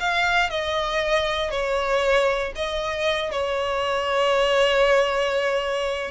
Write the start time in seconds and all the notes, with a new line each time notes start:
0.00 F5
0.50 D#5
1.51 C#5
2.56 D#5
3.32 C#5